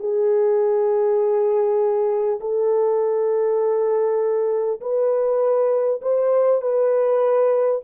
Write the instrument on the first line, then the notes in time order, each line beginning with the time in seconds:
horn
0.00 G#4
2.41 A4
4.81 B4
6.02 C5
6.62 B4